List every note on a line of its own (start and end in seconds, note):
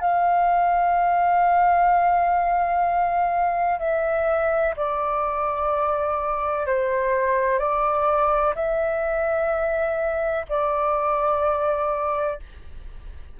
0.00 3.79 F5
3.79 4.74 E5
4.76 6.66 D5
6.66 7.58 C5
7.58 8.54 D5
8.55 10.45 E5
10.48 12.39 D5